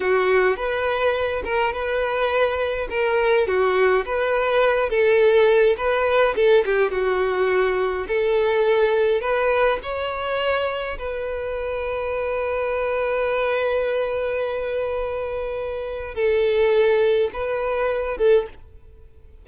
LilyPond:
\new Staff \with { instrumentName = "violin" } { \time 4/4 \tempo 4 = 104 fis'4 b'4. ais'8 b'4~ | b'4 ais'4 fis'4 b'4~ | b'8 a'4. b'4 a'8 g'8 | fis'2 a'2 |
b'4 cis''2 b'4~ | b'1~ | b'1 | a'2 b'4. a'8 | }